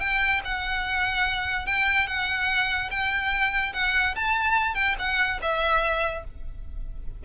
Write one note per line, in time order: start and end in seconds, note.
0.00 0.41 G5
0.45 1.66 F#5
1.66 2.07 G5
2.07 2.90 F#5
2.91 3.73 G5
3.74 4.15 F#5
4.15 4.75 A5
4.75 4.95 G5
4.99 5.40 F#5
5.42 6.24 E5